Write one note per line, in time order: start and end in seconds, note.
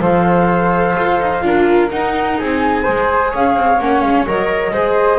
0.00 0.94 F3
0.00 1.41 A4
0.00 1.43 C5
0.00 1.90 F5
0.97 1.20 F4
1.20 1.43 D#4
1.41 1.90 D4
1.41 1.88 F4
1.41 2.39 A#4
1.90 2.85 D#4
1.90 2.39 D#4
1.90 2.37 F#5
2.39 2.87 C4
2.39 2.83 G#4
2.39 3.33 G#5
2.83 3.34 G#3
2.83 3.79 G#4
2.83 3.30 C5
3.30 3.56 C#4
3.30 4.72 C#5
3.30 3.80 F5
3.56 3.79 C4
3.79 4.02 A#3
3.79 4.27 C#4
3.79 4.00 F#5
4.00 4.26 G#3
4.00 4.24 F5
4.27 4.71 F#3
4.27 4.73 A#4
4.27 5.19 D#5
4.71 5.18 G#3
4.71 5.19 G#4
4.71 5.19 C5